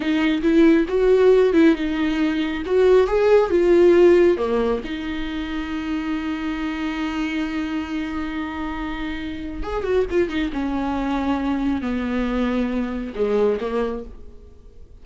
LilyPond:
\new Staff \with { instrumentName = "viola" } { \time 4/4 \tempo 4 = 137 dis'4 e'4 fis'4. e'8 | dis'2 fis'4 gis'4 | f'2 ais4 dis'4~ | dis'1~ |
dis'1~ | dis'2 gis'8 fis'8 f'8 dis'8 | cis'2. b4~ | b2 gis4 ais4 | }